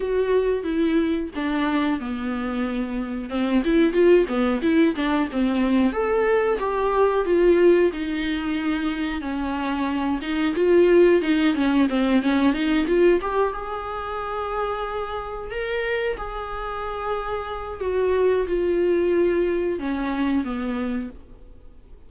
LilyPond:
\new Staff \with { instrumentName = "viola" } { \time 4/4 \tempo 4 = 91 fis'4 e'4 d'4 b4~ | b4 c'8 e'8 f'8 b8 e'8 d'8 | c'4 a'4 g'4 f'4 | dis'2 cis'4. dis'8 |
f'4 dis'8 cis'8 c'8 cis'8 dis'8 f'8 | g'8 gis'2. ais'8~ | ais'8 gis'2~ gis'8 fis'4 | f'2 cis'4 b4 | }